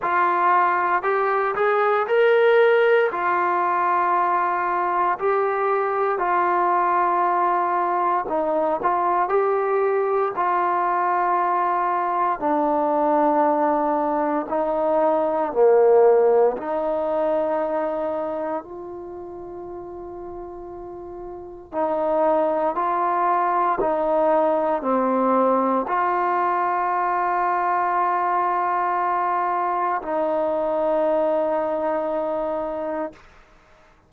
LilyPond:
\new Staff \with { instrumentName = "trombone" } { \time 4/4 \tempo 4 = 58 f'4 g'8 gis'8 ais'4 f'4~ | f'4 g'4 f'2 | dis'8 f'8 g'4 f'2 | d'2 dis'4 ais4 |
dis'2 f'2~ | f'4 dis'4 f'4 dis'4 | c'4 f'2.~ | f'4 dis'2. | }